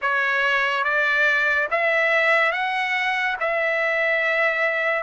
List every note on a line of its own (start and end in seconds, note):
0.01 0.83 C#5
0.83 1.68 D5
1.71 2.52 E5
2.52 3.36 F#5
3.40 5.03 E5